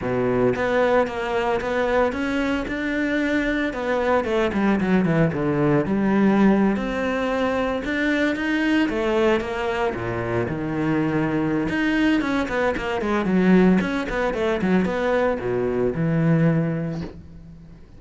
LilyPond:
\new Staff \with { instrumentName = "cello" } { \time 4/4 \tempo 4 = 113 b,4 b4 ais4 b4 | cis'4 d'2 b4 | a8 g8 fis8 e8 d4 g4~ | g8. c'2 d'4 dis'16~ |
dis'8. a4 ais4 ais,4 dis16~ | dis2 dis'4 cis'8 b8 | ais8 gis8 fis4 cis'8 b8 a8 fis8 | b4 b,4 e2 | }